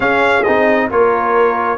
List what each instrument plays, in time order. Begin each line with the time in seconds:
0.00 tuba C#4, trombone C#4, horn G#4, trumpet F5
0.43 tuba C4, trombone D#4, trumpet D#5
0.89 tuba A#3, trombone F4, horn A#4, trumpet C#5